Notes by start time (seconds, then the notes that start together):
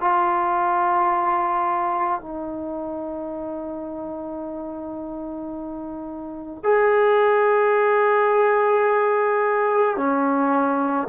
0.00 F4
2.20 D#4
6.63 G#4
9.96 C#4